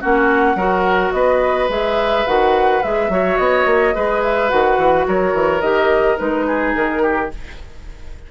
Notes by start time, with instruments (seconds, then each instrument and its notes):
0.00 bassoon A#3, clarinet C#4, oboe F#4, flute F#5
0.55 bassoon F#3, clarinet F#4, oboe A#4
1.12 bassoon B3, oboe B4, flute D#5
1.68 bassoon G#3, clarinet G#4, flute E5
2.26 bassoon D#3, clarinet F#4, flute F#5
2.83 bassoon G#3, clarinet G#4, flute E5
3.09 bassoon F#3, clarinet F#4, oboe C#5
3.37 bassoon B3, flute D#5
3.65 bassoon A#3
3.93 bassoon G#3, clarinet G#4, oboe B4
4.23 flute E5
4.48 bassoon D#3, clarinet F#4, flute F#5
4.77 bassoon E3
5.07 bassoon F#3, oboe A#4, flute C#5
5.33 bassoon E3
5.61 bassoon D#3, clarinet G4, flute D#5
6.17 bassoon G#3, clarinet D#4, flute B4
6.46 oboe G#4
6.75 bassoon D#3, flute A#4
7.02 oboe G4